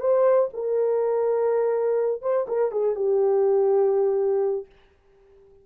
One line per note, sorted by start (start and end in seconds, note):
0.00 0.49 C5
0.53 2.22 A#4
2.22 2.46 C5
2.48 2.71 A#4
2.71 2.95 G#4
2.95 4.66 G4